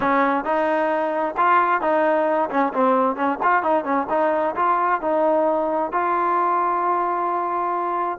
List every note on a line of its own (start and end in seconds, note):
0.00 0.44 C#4
0.44 1.35 D#4
1.37 1.81 F4
1.81 2.49 D#4
2.50 2.73 C#4
2.73 3.15 C4
3.15 3.38 C#4
3.42 3.63 F4
3.63 3.84 D#4
3.84 4.07 C#4
4.09 4.55 D#4
4.55 5.01 F4
5.01 5.92 D#4
5.92 8.18 F4